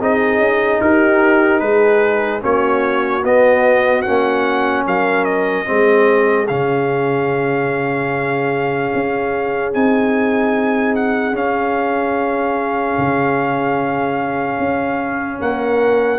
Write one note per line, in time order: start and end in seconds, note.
0.00 0.38 C4
0.00 2.41 D#4
0.00 0.81 G#4
0.00 0.81 D#5
0.38 0.79 C#4
0.81 1.61 D#4
0.81 1.62 G4
0.81 1.59 A#4
1.59 2.42 G#3
1.59 2.42 G#4
1.59 2.41 B4
2.41 3.24 A#3
2.41 3.22 C#4
2.41 4.85 F#4
2.41 3.24 C#5
3.24 4.05 B3
3.24 4.02 D#5
4.02 4.86 A#3
4.02 5.65 C#4
4.02 4.83 F#5
4.86 5.67 F#3
4.86 5.67 A#4
4.86 5.24 F5
5.24 6.46 D#5
5.65 6.49 G#3
5.65 6.46 C4
5.65 15.40 G#4
6.48 8.93 C#3
6.48 9.73 C#4
6.48 9.72 F5
8.94 9.74 C#4
9.73 11.33 C4
9.73 11.33 D#4
9.73 10.95 G#5
10.95 11.36 F#5
11.33 12.95 C#4
11.33 16.18 C#4
11.33 15.41 F5
12.98 14.58 C#3
14.58 15.39 C#4
15.40 16.18 A#3
15.40 16.18 A#4
15.40 16.18 F#5